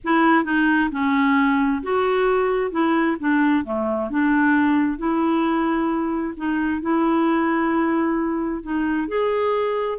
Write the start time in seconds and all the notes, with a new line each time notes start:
0.04 E4
0.44 D#4
0.91 C#4
1.82 F#4
2.71 E4
3.19 D4
3.64 A3
4.10 D4
4.98 E4
6.36 D#4
6.81 E4
8.62 D#4
9.07 G#4